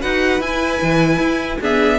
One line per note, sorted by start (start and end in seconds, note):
0.00 0.40 D#4
0.00 0.41 F#4
0.00 1.60 B4
0.00 0.41 F#5
0.40 0.80 E4
0.40 1.62 E4
0.40 1.61 G#5
0.82 1.18 E3
1.18 1.58 E4
1.61 1.99 B3
1.61 1.99 D4
1.61 1.99 G#4
1.61 1.99 E5